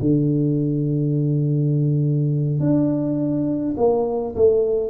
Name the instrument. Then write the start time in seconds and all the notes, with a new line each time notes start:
tuba
0.00 D3
2.60 D4
3.77 A#3
4.35 A3